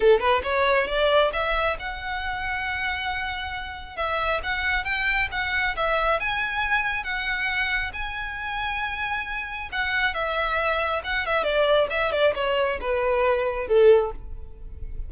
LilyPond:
\new Staff \with { instrumentName = "violin" } { \time 4/4 \tempo 4 = 136 a'8 b'8 cis''4 d''4 e''4 | fis''1~ | fis''4 e''4 fis''4 g''4 | fis''4 e''4 gis''2 |
fis''2 gis''2~ | gis''2 fis''4 e''4~ | e''4 fis''8 e''8 d''4 e''8 d''8 | cis''4 b'2 a'4 | }